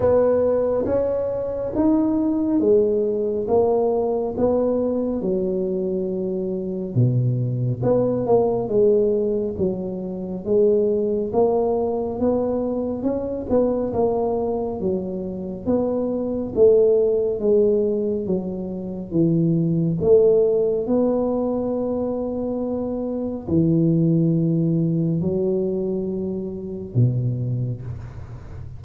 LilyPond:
\new Staff \with { instrumentName = "tuba" } { \time 4/4 \tempo 4 = 69 b4 cis'4 dis'4 gis4 | ais4 b4 fis2 | b,4 b8 ais8 gis4 fis4 | gis4 ais4 b4 cis'8 b8 |
ais4 fis4 b4 a4 | gis4 fis4 e4 a4 | b2. e4~ | e4 fis2 b,4 | }